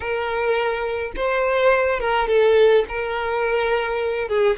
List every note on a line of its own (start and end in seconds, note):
0.00 1.12 A#4
1.16 2.00 C5
2.00 2.27 A#4
2.27 2.84 A4
2.88 4.28 A#4
4.28 4.57 G#4